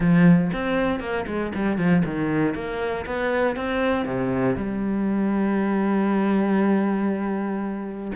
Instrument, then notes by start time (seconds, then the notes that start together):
cello
0.00 F3
0.52 C4
1.00 A#3
1.26 G#3
1.54 G3
1.77 F3
2.05 D#3
2.54 A#3
3.06 B3
3.55 C4
4.05 C3
4.56 G3